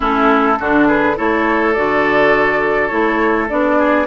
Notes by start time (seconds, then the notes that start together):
0.00 A3 C#4 E4 A4
0.59 D3 D4 F#4
0.87 G#4 B4
1.16 A3 E4 A4 C#5
1.72 D3 F#4 D5
2.87 A3 E4 C#5
3.48 B3 D4 D5
3.77 G#4